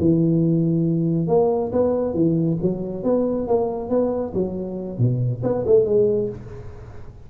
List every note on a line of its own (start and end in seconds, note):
0.00 1.28 E3
1.28 1.72 A#3
1.73 2.14 B3
2.14 2.58 E3
2.62 3.04 F#3
3.04 3.48 B3
3.48 3.90 A#3
3.90 4.33 B3
4.34 4.98 F#3
4.98 5.42 B2
5.43 5.65 B3
5.67 5.86 A3
5.86 6.29 G#3